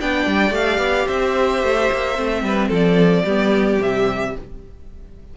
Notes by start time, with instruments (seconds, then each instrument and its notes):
0.00 cello B3, viola D4, violin D5 G5
0.26 cello G3
0.51 cello A3, viola G4, violin F5
0.78 cello B3
1.07 cello C4, violin C5 E5
1.63 cello A3
1.92 cello A#3
2.16 cello A3, viola C4
2.43 cello G3, violin B4
2.69 cello F3, violin A4
2.75 violin D5
3.25 cello G3, viola B3, violin G4
3.81 cello C3, viola G3, violin E5